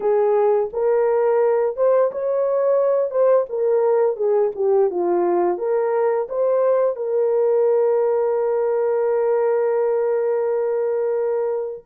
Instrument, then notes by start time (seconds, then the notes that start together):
horn
0.00 G#4
0.73 A#4
1.76 C5
2.11 C#5
3.10 C5
3.49 A#4
4.16 G#4
4.55 G4
4.90 F4
5.58 A#4
6.28 C5
6.96 A#4